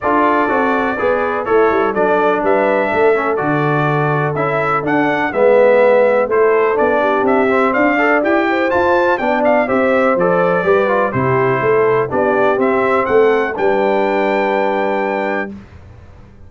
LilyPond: <<
  \new Staff \with { instrumentName = "trumpet" } { \time 4/4 \tempo 4 = 124 d''2. cis''4 | d''4 e''2 d''4~ | d''4 e''4 fis''4 e''4~ | e''4 c''4 d''4 e''4 |
f''4 g''4 a''4 g''8 f''8 | e''4 d''2 c''4~ | c''4 d''4 e''4 fis''4 | g''1 | }
  \new Staff \with { instrumentName = "horn" } { \time 4/4 a'2 b'4 e'4 | a'4 b'4 a'2~ | a'2. b'4~ | b'4 a'4. g'4. |
d''4. c''4. d''4 | c''2 b'4 g'4 | a'4 g'2 a'4 | b'1 | }
  \new Staff \with { instrumentName = "trombone" } { \time 4/4 f'4 fis'4 gis'4 a'4 | d'2~ d'8 cis'8 fis'4~ | fis'4 e'4 d'4 b4~ | b4 e'4 d'4. c'8~ |
c'8 a'8 g'4 f'4 d'4 | g'4 a'4 g'8 f'8 e'4~ | e'4 d'4 c'2 | d'1 | }
  \new Staff \with { instrumentName = "tuba" } { \time 4/4 d'4 c'4 b4 a8 g8 | fis4 g4 a4 d4~ | d4 cis'4 d'4 gis4~ | gis4 a4 b4 c'4 |
d'4 e'4 f'4 b4 | c'4 f4 g4 c4 | a4 b4 c'4 a4 | g1 | }
>>